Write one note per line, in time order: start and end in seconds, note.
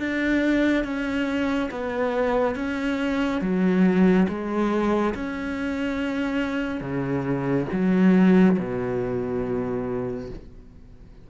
0.00 0.85 D4
0.85 1.70 C#4
1.71 2.56 B3
2.56 3.42 C#4
3.42 4.27 F#3
4.29 5.15 G#3
5.15 6.81 C#4
6.81 7.67 C#3
7.73 8.59 F#3
8.59 10.31 B2